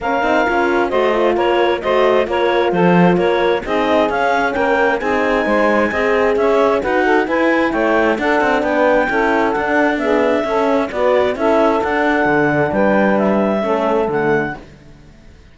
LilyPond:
<<
  \new Staff \with { instrumentName = "clarinet" } { \time 4/4 \tempo 4 = 132 f''2 dis''4 cis''4 | dis''4 cis''4 c''4 cis''4 | dis''4 f''4 g''4 gis''4~ | gis''2 e''4 fis''4 |
gis''4 g''4 fis''4 g''4~ | g''4 fis''4 e''2 | d''4 e''4 fis''2 | g''4 e''2 fis''4 | }
  \new Staff \with { instrumentName = "saxophone" } { \time 4/4 ais'2 c''4 ais'4 | c''4 ais'4 a'4 ais'4 | gis'2 ais'4 gis'4 | c''4 dis''4 cis''4 b'8 a'8 |
b'4 cis''4 a'4 b'4 | a'2 gis'4 a'4 | b'4 a'2. | b'2 a'2 | }
  \new Staff \with { instrumentName = "horn" } { \time 4/4 cis'8 dis'8 f'4 fis'8 f'4. | fis'4 f'2. | dis'4 cis'2 dis'4~ | dis'4 gis'2 fis'4 |
e'2 d'2 | e'4 d'4 b4 cis'4 | fis'4 e'4 d'2~ | d'2 cis'4 a4 | }
  \new Staff \with { instrumentName = "cello" } { \time 4/4 ais8 c'8 cis'4 a4 ais4 | a4 ais4 f4 ais4 | c'4 cis'4 ais4 c'4 | gis4 c'4 cis'4 dis'4 |
e'4 a4 d'8 c'8 b4 | cis'4 d'2 cis'4 | b4 cis'4 d'4 d4 | g2 a4 d4 | }
>>